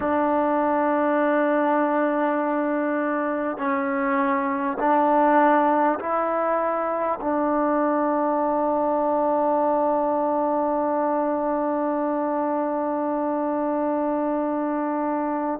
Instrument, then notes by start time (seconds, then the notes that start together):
trombone
0.00 D4
3.57 C#4
4.78 D4
5.99 E4
7.20 D4